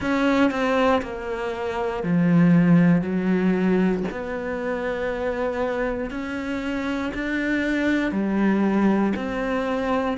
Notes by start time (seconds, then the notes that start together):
0.00 C#4
0.50 C4
1.02 A#3
2.03 F3
3.01 F#3
4.11 B3
6.10 C#4
7.14 D4
8.11 G3
9.15 C4